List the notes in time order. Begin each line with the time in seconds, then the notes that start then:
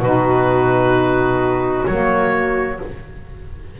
0.00 B2 D#4 F#4 B4
1.86 F#3 A#3 C#5